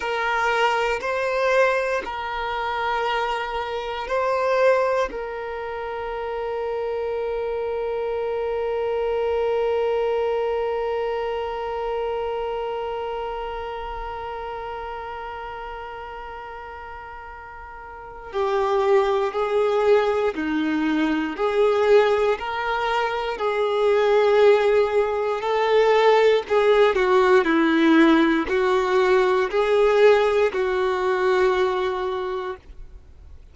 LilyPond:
\new Staff \with { instrumentName = "violin" } { \time 4/4 \tempo 4 = 59 ais'4 c''4 ais'2 | c''4 ais'2.~ | ais'1~ | ais'1~ |
ais'2 g'4 gis'4 | dis'4 gis'4 ais'4 gis'4~ | gis'4 a'4 gis'8 fis'8 e'4 | fis'4 gis'4 fis'2 | }